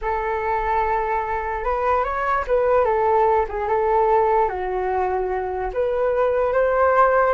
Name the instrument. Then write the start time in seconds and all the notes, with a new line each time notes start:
flute
0.01 A4
1.63 B4
2.04 C#5
2.47 B4
2.84 A4
3.48 G#4
3.68 A4
4.48 F#4
5.73 B4
6.53 C5